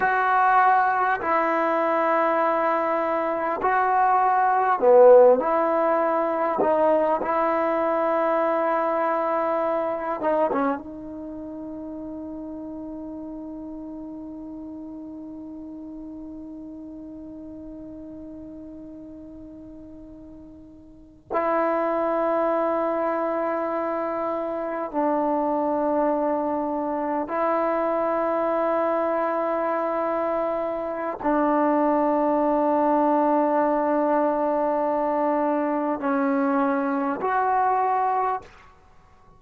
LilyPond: \new Staff \with { instrumentName = "trombone" } { \time 4/4 \tempo 4 = 50 fis'4 e'2 fis'4 | b8 e'4 dis'8 e'2~ | e'8 dis'16 cis'16 dis'2.~ | dis'1~ |
dis'4.~ dis'16 e'2~ e'16~ | e'8. d'2 e'4~ e'16~ | e'2 d'2~ | d'2 cis'4 fis'4 | }